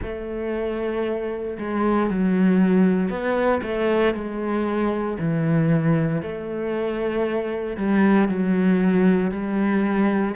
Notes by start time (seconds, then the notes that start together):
0.02 A3
1.58 G#3
2.09 F#3
3.09 B3
3.62 A3
4.14 G#3
5.18 E3
6.22 A3
7.76 G3
8.28 F#3
9.31 G3